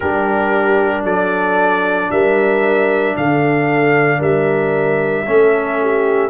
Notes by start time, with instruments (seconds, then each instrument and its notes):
0.00 tuba G3, trombone D4, horn G4, trumpet A#4
1.04 tuba F#3, horn A4, trumpet D5
2.11 tuba G3, horn A#4, trumpet E5
3.16 tuba D3, horn A4, trumpet F5
4.18 tuba G3, horn A#4, trumpet E5
5.26 tuba A3, trombone C#4, horn A4
5.81 horn G4